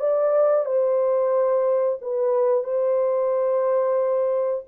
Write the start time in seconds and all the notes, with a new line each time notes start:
0.00 D5
0.65 C5
2.02 B4
2.64 C5